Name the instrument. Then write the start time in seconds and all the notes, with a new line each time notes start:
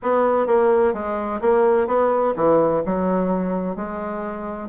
bassoon
0.02 B3
0.47 A#3
0.93 G#3
1.41 A#3
1.87 B3
2.35 E3
2.85 F#3
3.75 G#3